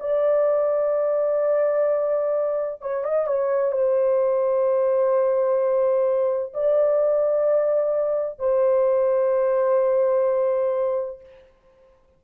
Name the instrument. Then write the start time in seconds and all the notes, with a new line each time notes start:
horn
0.00 D5
2.81 C#5
3.04 D#5
3.27 C#5
3.72 C5
6.54 D5
8.39 C5